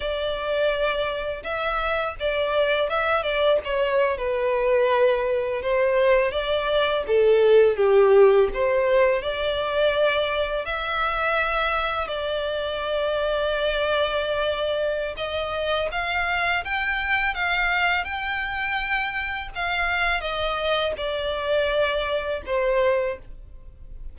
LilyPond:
\new Staff \with { instrumentName = "violin" } { \time 4/4 \tempo 4 = 83 d''2 e''4 d''4 | e''8 d''8 cis''8. b'2 c''16~ | c''8. d''4 a'4 g'4 c''16~ | c''8. d''2 e''4~ e''16~ |
e''8. d''2.~ d''16~ | d''4 dis''4 f''4 g''4 | f''4 g''2 f''4 | dis''4 d''2 c''4 | }